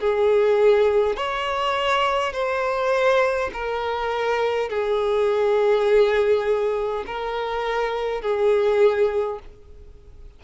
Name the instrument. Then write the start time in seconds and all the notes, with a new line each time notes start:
violin
0.00 G#4
1.17 C#5
2.33 C5
3.53 A#4
4.70 G#4
7.06 A#4
8.22 G#4